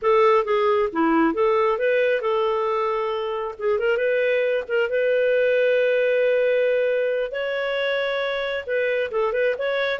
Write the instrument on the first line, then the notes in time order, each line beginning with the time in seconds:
clarinet
0.01 A4
0.44 G#4
0.92 E4
1.33 A4
1.78 B4
2.21 A4
3.58 G#4
3.79 A#4
3.97 B4
4.68 A#4
4.89 B4
7.31 C#5
8.66 B4
9.11 A4
9.32 B4
9.58 C#5